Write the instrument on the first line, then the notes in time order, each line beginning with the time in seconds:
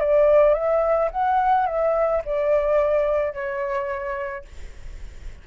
flute
0.00 D5
0.54 E5
1.11 F#5
1.66 E5
2.25 D5
3.33 C#5